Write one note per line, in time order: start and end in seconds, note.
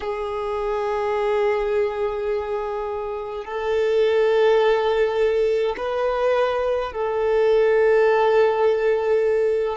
0.00 3.45 G#4
3.45 5.75 A4
5.77 6.92 B4
6.92 9.77 A4